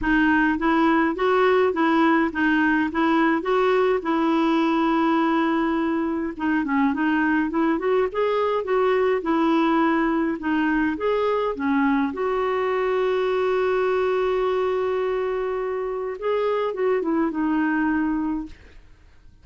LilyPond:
\new Staff \with { instrumentName = "clarinet" } { \time 4/4 \tempo 4 = 104 dis'4 e'4 fis'4 e'4 | dis'4 e'4 fis'4 e'4~ | e'2. dis'8 cis'8 | dis'4 e'8 fis'8 gis'4 fis'4 |
e'2 dis'4 gis'4 | cis'4 fis'2.~ | fis'1 | gis'4 fis'8 e'8 dis'2 | }